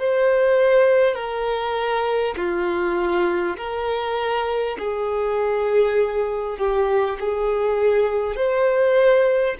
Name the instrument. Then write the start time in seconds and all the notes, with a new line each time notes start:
violin
0.00 C5
1.16 A#4
2.37 F4
3.58 A#4
4.79 G#4
6.59 G4
7.21 G#4
8.37 C5